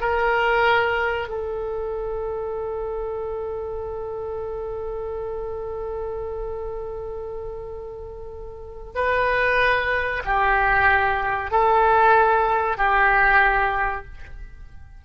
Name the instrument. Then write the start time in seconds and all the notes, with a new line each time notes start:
oboe
0.00 A#4
1.28 A4
8.95 B4
10.25 G4
11.51 A4
12.77 G4